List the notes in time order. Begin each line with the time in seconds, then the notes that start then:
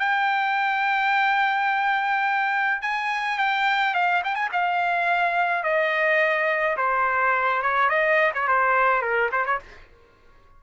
0.00 G5
2.82 G#5
3.39 G5
3.95 F5
4.25 G5
4.36 G#5
4.53 F5
5.64 D#5
6.78 C5
7.63 C#5
7.90 D#5
8.35 C#5
8.48 C5
9.02 A#4
9.32 C5
9.46 C#5